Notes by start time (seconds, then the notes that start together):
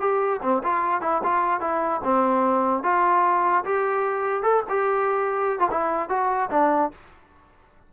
0.00 G4
0.42 C4
0.63 F4
1.01 E4
1.24 F4
1.61 E4
2.04 C4
2.83 F4
3.65 G4
4.43 A4
4.69 G4
5.59 F4
5.71 E4
6.09 F#4
6.51 D4